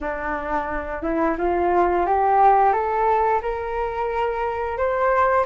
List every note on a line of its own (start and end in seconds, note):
0.01 1.02 D4
1.02 1.36 E4
1.38 2.05 F4
2.05 2.72 G4
2.72 3.41 A4
3.42 4.77 A#4
4.77 5.45 C5